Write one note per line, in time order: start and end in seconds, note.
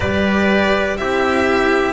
0.00 0.98 G3
0.00 0.98 G4
0.00 0.98 B4
0.00 0.97 D5
0.97 1.93 C4
0.97 1.93 E4
0.97 1.93 G4
0.97 1.93 E5